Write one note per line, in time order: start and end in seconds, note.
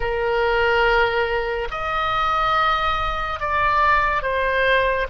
0.00 1.68 A#4
1.71 3.40 D#5
3.40 4.22 D5
4.22 5.07 C5